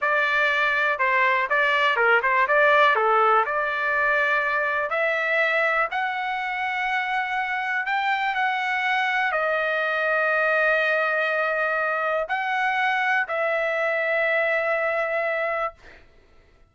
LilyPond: \new Staff \with { instrumentName = "trumpet" } { \time 4/4 \tempo 4 = 122 d''2 c''4 d''4 | ais'8 c''8 d''4 a'4 d''4~ | d''2 e''2 | fis''1 |
g''4 fis''2 dis''4~ | dis''1~ | dis''4 fis''2 e''4~ | e''1 | }